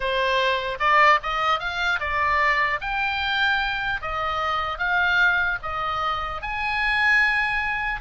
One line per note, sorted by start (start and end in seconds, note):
0.00 0.78 C5
0.79 1.19 D5
1.23 1.59 D#5
1.59 1.99 F5
1.99 2.79 D5
2.80 4.00 G5
4.01 4.78 D#5
4.78 5.58 F5
5.62 6.42 D#5
6.42 8.01 G#5